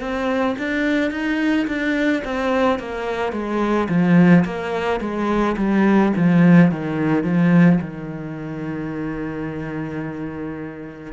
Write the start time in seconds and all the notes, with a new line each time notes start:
0.00 C4
0.58 D4
1.11 D#4
1.67 D4
2.24 C4
2.79 A#3
3.32 G#3
3.88 F3
4.44 A#3
5.00 G#3
5.57 G3
6.16 F3
6.71 D#3
7.23 F3
7.81 D#3